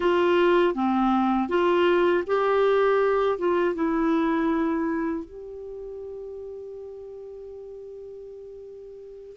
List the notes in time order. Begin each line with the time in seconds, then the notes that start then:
0.00 F4
0.74 C4
1.49 F4
2.26 G4
3.38 F4
3.74 E4
5.25 G4